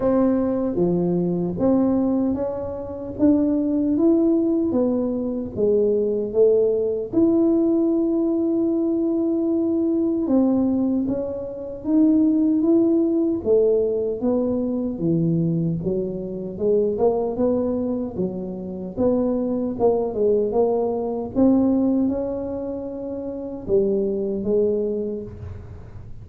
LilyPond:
\new Staff \with { instrumentName = "tuba" } { \time 4/4 \tempo 4 = 76 c'4 f4 c'4 cis'4 | d'4 e'4 b4 gis4 | a4 e'2.~ | e'4 c'4 cis'4 dis'4 |
e'4 a4 b4 e4 | fis4 gis8 ais8 b4 fis4 | b4 ais8 gis8 ais4 c'4 | cis'2 g4 gis4 | }